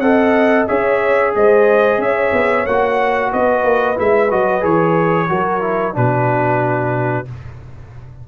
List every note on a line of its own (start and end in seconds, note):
0.00 0.66 C4
0.00 0.68 A4
0.00 0.69 D#5
0.00 0.66 F#5
0.68 1.35 C#4
0.68 2.66 G#4
0.68 1.35 C#5
0.68 1.34 E5
1.35 1.98 G#3
1.35 2.00 C5
1.35 2.02 D#5
1.98 2.31 C#4
1.98 3.31 C#5
1.98 2.67 E5
2.33 2.66 B3
2.67 3.33 A#3
2.67 3.96 F#4
2.67 3.33 F#5
3.32 3.64 B3
3.32 5.30 B4
3.32 3.99 D#5
3.64 3.97 A#3
3.96 4.32 G#3
3.96 4.29 E4
3.96 4.32 E5
4.31 4.64 F#3
4.31 4.61 F#4
4.31 4.65 D#5
4.61 5.30 E3
4.61 5.27 G#4
4.61 5.96 C#5
5.29 5.97 F#3
5.29 5.61 F#4
5.29 5.95 A#4
5.61 5.93 E4
5.93 7.28 B2
5.93 7.25 D4
5.93 7.28 F#4
5.93 7.28 B4